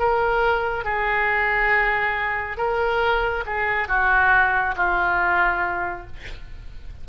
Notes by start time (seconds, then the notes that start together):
0.00 A#4
0.85 G#4
2.58 A#4
3.47 G#4
3.89 F#4
4.77 F4